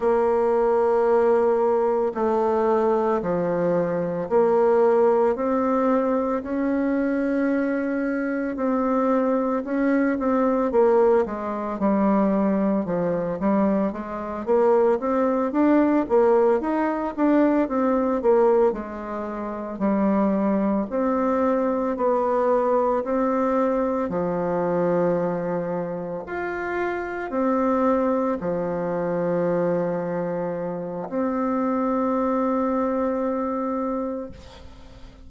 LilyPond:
\new Staff \with { instrumentName = "bassoon" } { \time 4/4 \tempo 4 = 56 ais2 a4 f4 | ais4 c'4 cis'2 | c'4 cis'8 c'8 ais8 gis8 g4 | f8 g8 gis8 ais8 c'8 d'8 ais8 dis'8 |
d'8 c'8 ais8 gis4 g4 c'8~ | c'8 b4 c'4 f4.~ | f8 f'4 c'4 f4.~ | f4 c'2. | }